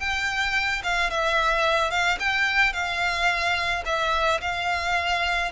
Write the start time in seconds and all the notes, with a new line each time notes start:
0.00 G5
0.84 F5
1.10 E5
1.91 F5
2.20 G5
2.73 F5
3.86 E5
4.41 F5